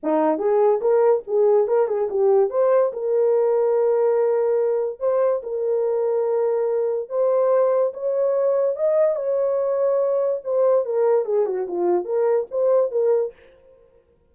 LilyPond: \new Staff \with { instrumentName = "horn" } { \time 4/4 \tempo 4 = 144 dis'4 gis'4 ais'4 gis'4 | ais'8 gis'8 g'4 c''4 ais'4~ | ais'1 | c''4 ais'2.~ |
ais'4 c''2 cis''4~ | cis''4 dis''4 cis''2~ | cis''4 c''4 ais'4 gis'8 fis'8 | f'4 ais'4 c''4 ais'4 | }